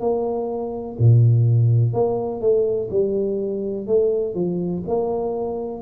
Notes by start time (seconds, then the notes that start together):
0.00 A#3
0.99 A#2
1.93 A#3
2.41 A3
2.90 G3
3.87 A3
4.34 F3
4.87 A#3